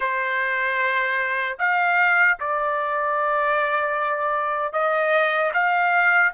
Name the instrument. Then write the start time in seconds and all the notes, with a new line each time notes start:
trumpet
0.00 C5
1.58 F5
2.39 D5
4.72 D#5
5.53 F5